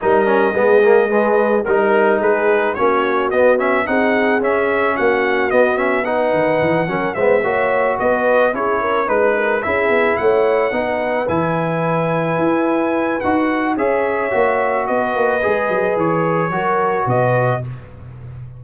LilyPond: <<
  \new Staff \with { instrumentName = "trumpet" } { \time 4/4 \tempo 4 = 109 dis''2. ais'4 | b'4 cis''4 dis''8 e''8 fis''4 | e''4 fis''4 dis''8 e''8 fis''4~ | fis''4 e''4. dis''4 cis''8~ |
cis''8 b'4 e''4 fis''4.~ | fis''8 gis''2.~ gis''8 | fis''4 e''2 dis''4~ | dis''4 cis''2 dis''4 | }
  \new Staff \with { instrumentName = "horn" } { \time 4/4 ais'4 gis'4 b'4 ais'4 | gis'4 fis'2 gis'4~ | gis'4 fis'2 b'4~ | b'8 ais'8 c''8 cis''4 b'4 gis'8 |
ais'8 b'8 ais'8 gis'4 cis''4 b'8~ | b'1~ | b'4 cis''2 b'4~ | b'2 ais'4 b'4 | }
  \new Staff \with { instrumentName = "trombone" } { \time 4/4 dis'8 cis'8 b8 ais8 gis4 dis'4~ | dis'4 cis'4 b8 cis'8 dis'4 | cis'2 b8 cis'8 dis'4~ | dis'8 cis'8 b8 fis'2 e'8~ |
e'8 dis'4 e'2 dis'8~ | dis'8 e'2.~ e'8 | fis'4 gis'4 fis'2 | gis'2 fis'2 | }
  \new Staff \with { instrumentName = "tuba" } { \time 4/4 g4 gis2 g4 | gis4 ais4 b4 c'4 | cis'4 ais4 b4. dis8 | e8 fis8 gis8 ais4 b4 cis'8~ |
cis'8 gis4 cis'8 b8 a4 b8~ | b8 e2 e'4. | dis'4 cis'4 ais4 b8 ais8 | gis8 fis8 e4 fis4 b,4 | }
>>